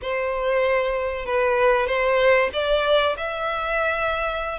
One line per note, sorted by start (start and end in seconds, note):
0.01 1.25 C5
1.25 1.86 B4
1.86 2.49 C5
2.53 3.16 D5
3.17 4.58 E5